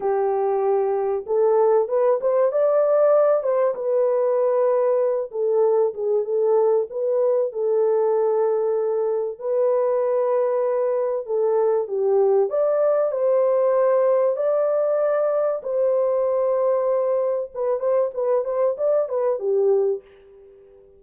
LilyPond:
\new Staff \with { instrumentName = "horn" } { \time 4/4 \tempo 4 = 96 g'2 a'4 b'8 c''8 | d''4. c''8 b'2~ | b'8 a'4 gis'8 a'4 b'4 | a'2. b'4~ |
b'2 a'4 g'4 | d''4 c''2 d''4~ | d''4 c''2. | b'8 c''8 b'8 c''8 d''8 b'8 g'4 | }